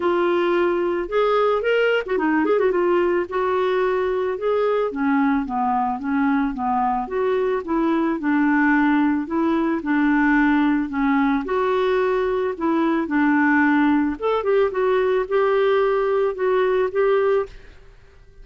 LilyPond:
\new Staff \with { instrumentName = "clarinet" } { \time 4/4 \tempo 4 = 110 f'2 gis'4 ais'8. fis'16 | dis'8 gis'16 fis'16 f'4 fis'2 | gis'4 cis'4 b4 cis'4 | b4 fis'4 e'4 d'4~ |
d'4 e'4 d'2 | cis'4 fis'2 e'4 | d'2 a'8 g'8 fis'4 | g'2 fis'4 g'4 | }